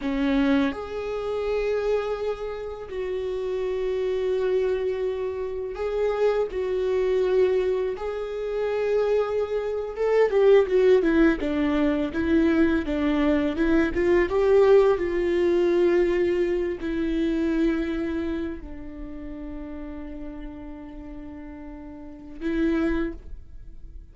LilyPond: \new Staff \with { instrumentName = "viola" } { \time 4/4 \tempo 4 = 83 cis'4 gis'2. | fis'1 | gis'4 fis'2 gis'4~ | gis'4.~ gis'16 a'8 g'8 fis'8 e'8 d'16~ |
d'8. e'4 d'4 e'8 f'8 g'16~ | g'8. f'2~ f'8 e'8.~ | e'4.~ e'16 d'2~ d'16~ | d'2. e'4 | }